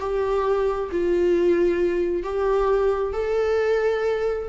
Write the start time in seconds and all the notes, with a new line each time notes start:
0.00 G4
0.92 F4
2.23 G4
3.14 A4